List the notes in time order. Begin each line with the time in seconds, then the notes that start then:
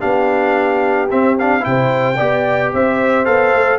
0.00 B3 D4 G4 F5
1.11 C4 E5
1.39 D4 F5
1.61 C3 E4 G5
1.68 C5
2.17 B3 G4 D5
2.74 C4 C5 E5
3.26 B3 A4 F5
3.53 A3